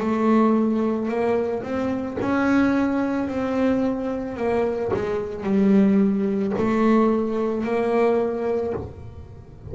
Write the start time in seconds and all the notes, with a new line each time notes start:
0.00 A3
1.08 A#3
1.63 C4
2.21 C#4
3.28 C4
4.37 A#3
4.94 G#3
5.43 G3
6.58 A3
7.64 A#3